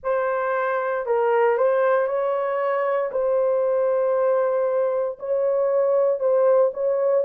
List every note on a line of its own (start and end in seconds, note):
0.03 1.06 C5
1.06 1.57 A#4
1.57 2.07 C5
2.07 3.10 C#5
3.11 5.18 C5
5.19 6.19 C#5
6.19 6.71 C5
6.73 7.24 C#5